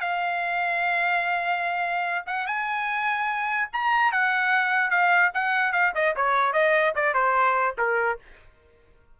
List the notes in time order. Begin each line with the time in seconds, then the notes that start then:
0.00 F5
2.26 F#5
2.47 G#5
3.73 A#5
4.12 F#5
4.90 F5
5.34 F#5
5.72 F5
5.95 D#5
6.16 C#5
6.53 D#5
6.95 D5
7.14 C5
7.78 A#4